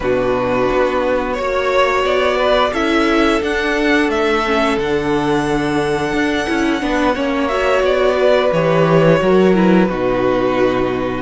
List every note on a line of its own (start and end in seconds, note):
0.00 0.68 B2
0.00 1.37 D4
0.00 1.37 F#4
0.00 1.33 B4
0.72 1.39 B3
1.33 2.74 F#4
1.33 2.01 C#5
1.33 2.37 C#5
1.39 2.03 A#3
2.03 2.72 B3
2.03 2.73 D5
2.37 2.71 B4
2.72 3.41 C#4
2.72 3.41 E4
2.72 6.82 A4
2.72 3.41 E5
3.41 4.43 D4
3.41 4.08 D4
3.41 4.10 F#5
4.08 4.76 A3
4.08 4.78 E5
4.45 4.79 C#4
4.76 6.12 D3
4.76 6.47 D4
4.76 7.47 F#5
6.12 6.47 D4
6.47 6.82 C#4
6.47 6.80 E4
6.80 7.16 B3
6.80 7.14 D4
6.80 7.15 B4
7.15 7.82 A#3
7.15 7.49 C#4
7.15 8.16 C#5
7.47 8.51 F#4
7.47 7.81 E5
7.82 8.50 B3
7.82 8.52 D5
8.16 9.18 B4
8.52 9.20 E3
8.52 9.18 G4
8.52 9.54 C#5
9.18 9.89 F#3
9.18 9.52 F#4
9.18 9.88 A#4
9.54 9.88 E4
9.54 11.22 B4
9.88 11.22 B2
9.88 11.22 D#4
9.88 11.22 F#4